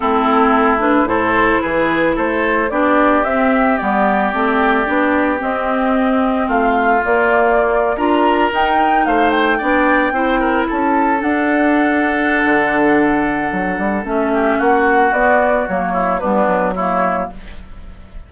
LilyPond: <<
  \new Staff \with { instrumentName = "flute" } { \time 4/4 \tempo 4 = 111 a'4. b'8 c''4 b'4 | c''4 d''4 e''4 d''4~ | d''2 dis''2 | f''4 d''4.~ d''16 ais''4 g''16~ |
g''8. f''8 g''2~ g''8 a''16~ | a''8. fis''2.~ fis''16~ | fis''2 e''4 fis''4 | d''4 cis''4 b'4 cis''4 | }
  \new Staff \with { instrumentName = "oboe" } { \time 4/4 e'2 a'4 gis'4 | a'4 g'2.~ | g'1 | f'2~ f'8. ais'4~ ais'16~ |
ais'8. c''4 d''4 c''8 ais'8 a'16~ | a'1~ | a'2~ a'8 g'8 fis'4~ | fis'4. e'8 d'4 e'4 | }
  \new Staff \with { instrumentName = "clarinet" } { \time 4/4 c'4. d'8 e'2~ | e'4 d'4 c'4 b4 | c'4 d'4 c'2~ | c'4 ais4.~ ais16 f'4 dis'16~ |
dis'4.~ dis'16 d'4 e'4~ e'16~ | e'8. d'2.~ d'16~ | d'2 cis'2 | b4 ais4 b4 ais4 | }
  \new Staff \with { instrumentName = "bassoon" } { \time 4/4 a2 a,4 e4 | a4 b4 c'4 g4 | a4 b4 c'2 | a4 ais4.~ ais16 d'4 dis'16~ |
dis'8. a4 b4 c'4 cis'16~ | cis'8. d'2~ d'16 d4~ | d4 fis8 g8 a4 ais4 | b4 fis4 g8 fis4. | }
>>